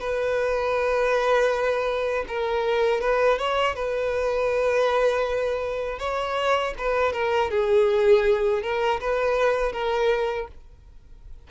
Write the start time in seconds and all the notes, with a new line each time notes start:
0.00 B4
2.28 A#4
3.01 B4
3.39 C#5
3.75 B4
5.99 C#5
6.78 B4
7.13 A#4
7.50 G#4
8.62 A#4
9.00 B4
9.72 A#4